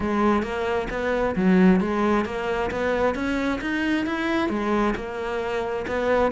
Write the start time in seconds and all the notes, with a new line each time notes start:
0.00 G#3
0.43 A#3
0.90 B3
1.35 F#3
1.80 G#3
2.25 A#3
2.71 B3
3.14 C#4
3.61 D#4
4.06 E4
4.49 G#3
4.95 A#3
5.87 B3